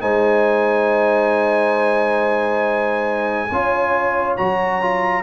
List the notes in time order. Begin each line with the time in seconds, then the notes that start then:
0.00 G#3 D#4 C5 G#5
3.49 C#4 F4 C#5
4.36 F#3 F#4 A#5
4.81 F4